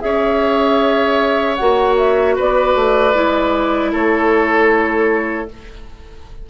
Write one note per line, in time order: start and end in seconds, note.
0.00 1.59 C#4
0.00 1.56 G#4
0.00 2.35 C#5
0.00 1.55 E5
1.55 2.38 A#3
1.55 3.14 F#4
1.55 1.94 F#5
1.97 2.36 E5
2.35 2.75 B3
2.35 3.91 B4
2.35 3.93 D5
2.75 3.13 A3
3.14 3.93 G#3
3.14 5.48 E4
3.92 5.49 A3
3.92 5.47 A4
3.92 5.49 C#5